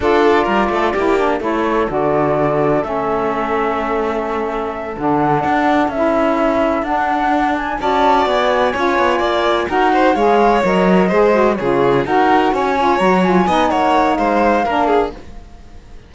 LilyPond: <<
  \new Staff \with { instrumentName = "flute" } { \time 4/4 \tempo 4 = 127 d''2. cis''4 | d''2 e''2~ | e''2~ e''8 fis''4.~ | fis''8 e''2 fis''4. |
gis''8 a''4 gis''2~ gis''8~ | gis''8 fis''4 f''4 dis''4.~ | dis''8 cis''4 fis''4 gis''4 ais''8 | gis''4 fis''4 f''2 | }
  \new Staff \with { instrumentName = "violin" } { \time 4/4 a'4 ais'8 a'8 g'4 a'4~ | a'1~ | a'1~ | a'1~ |
a'8 d''2 cis''4 d''8~ | d''8 ais'8 c''8 cis''2 c''8~ | c''8 gis'4 ais'4 cis''4.~ | cis''8 dis''8 cis''4 c''4 ais'8 gis'8 | }
  \new Staff \with { instrumentName = "saxophone" } { \time 4/4 f'2 e'8 d'8 e'4 | fis'2 cis'2~ | cis'2~ cis'8 d'4.~ | d'8 e'2 d'4.~ |
d'8 fis'2 f'4.~ | f'8 fis'4 gis'4 ais'4 gis'8 | fis'8 f'4 fis'4. f'8 fis'8 | f'8 dis'2~ dis'8 d'4 | }
  \new Staff \with { instrumentName = "cello" } { \time 4/4 d'4 g8 a8 ais4 a4 | d2 a2~ | a2~ a8 d4 d'8~ | d'8 cis'2 d'4.~ |
d'8 cis'4 b4 cis'8 b8 ais8~ | ais8 dis'4 gis4 fis4 gis8~ | gis8 cis4 dis'4 cis'4 fis8~ | fis8 b8 ais4 gis4 ais4 | }
>>